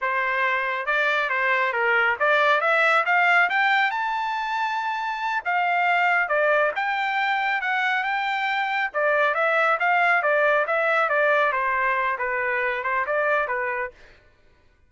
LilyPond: \new Staff \with { instrumentName = "trumpet" } { \time 4/4 \tempo 4 = 138 c''2 d''4 c''4 | ais'4 d''4 e''4 f''4 | g''4 a''2.~ | a''8 f''2 d''4 g''8~ |
g''4. fis''4 g''4.~ | g''8 d''4 e''4 f''4 d''8~ | d''8 e''4 d''4 c''4. | b'4. c''8 d''4 b'4 | }